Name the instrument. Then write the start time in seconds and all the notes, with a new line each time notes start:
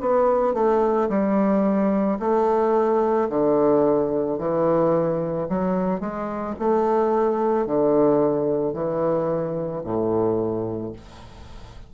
bassoon
0.00 B3
0.54 A3
1.09 G3
2.20 A3
3.29 D3
4.38 E3
5.49 F#3
6.00 G#3
6.59 A3
7.67 D3
8.73 E3
9.84 A2